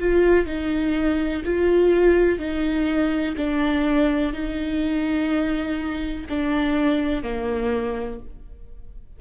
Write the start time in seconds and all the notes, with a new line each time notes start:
0.00 F4
0.47 D#4
1.46 F4
2.39 D#4
3.37 D4
4.33 D#4
6.30 D4
7.23 A#3